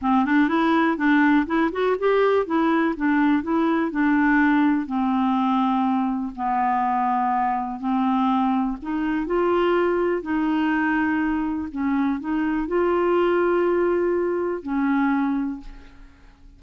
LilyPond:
\new Staff \with { instrumentName = "clarinet" } { \time 4/4 \tempo 4 = 123 c'8 d'8 e'4 d'4 e'8 fis'8 | g'4 e'4 d'4 e'4 | d'2 c'2~ | c'4 b2. |
c'2 dis'4 f'4~ | f'4 dis'2. | cis'4 dis'4 f'2~ | f'2 cis'2 | }